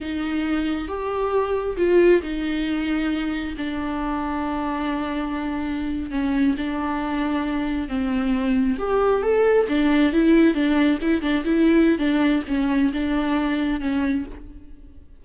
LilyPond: \new Staff \with { instrumentName = "viola" } { \time 4/4 \tempo 4 = 135 dis'2 g'2 | f'4 dis'2. | d'1~ | d'4.~ d'16 cis'4 d'4~ d'16~ |
d'4.~ d'16 c'2 g'16~ | g'8. a'4 d'4 e'4 d'16~ | d'8. e'8 d'8 e'4~ e'16 d'4 | cis'4 d'2 cis'4 | }